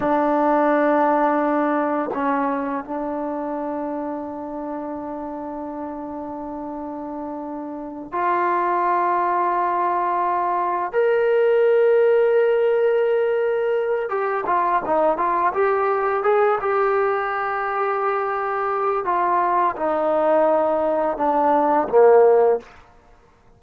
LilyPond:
\new Staff \with { instrumentName = "trombone" } { \time 4/4 \tempo 4 = 85 d'2. cis'4 | d'1~ | d'2.~ d'8 f'8~ | f'2.~ f'8 ais'8~ |
ais'1 | g'8 f'8 dis'8 f'8 g'4 gis'8 g'8~ | g'2. f'4 | dis'2 d'4 ais4 | }